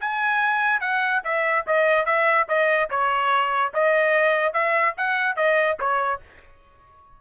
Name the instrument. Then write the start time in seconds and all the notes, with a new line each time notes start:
trumpet
0.00 G#5
0.80 F#5
1.24 E5
1.66 D#5
2.05 E5
2.48 D#5
2.89 C#5
3.73 D#5
4.53 E5
4.97 F#5
5.36 D#5
5.79 C#5